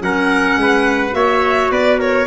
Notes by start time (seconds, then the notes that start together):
0.00 F#3 C#4 A#4 F#5
0.57 G#3 B4
1.11 A#3 F#4 C#5 E5
1.71 B3 B4 D5
1.99 A#4 C#5